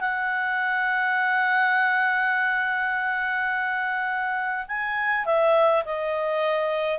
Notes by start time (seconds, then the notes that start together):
0.00 F#5
4.68 G#5
5.25 E5
5.85 D#5